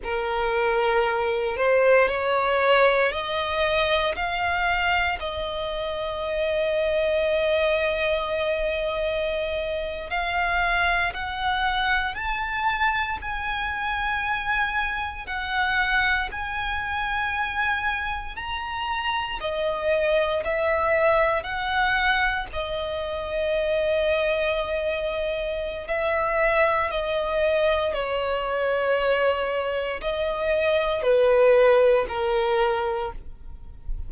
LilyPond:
\new Staff \with { instrumentName = "violin" } { \time 4/4 \tempo 4 = 58 ais'4. c''8 cis''4 dis''4 | f''4 dis''2.~ | dis''4.~ dis''16 f''4 fis''4 a''16~ | a''8. gis''2 fis''4 gis''16~ |
gis''4.~ gis''16 ais''4 dis''4 e''16~ | e''8. fis''4 dis''2~ dis''16~ | dis''4 e''4 dis''4 cis''4~ | cis''4 dis''4 b'4 ais'4 | }